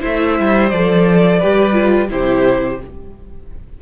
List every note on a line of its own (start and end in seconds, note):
0.00 0.39 A3
0.00 0.70 E4
0.00 1.39 C5
0.00 0.70 E5
0.39 0.72 G3
0.70 1.41 F3
0.70 1.41 A4
0.70 2.09 D5
1.39 2.11 G3
1.39 1.73 G4
1.39 2.08 B4
1.73 2.08 F4
2.09 2.81 C3
2.09 2.79 E4
2.09 2.81 G4
2.09 2.82 C5